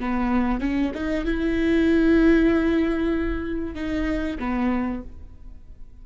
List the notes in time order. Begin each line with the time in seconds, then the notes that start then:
0.00 B3
0.61 C#4
0.94 D#4
1.25 E4
3.75 D#4
4.39 B3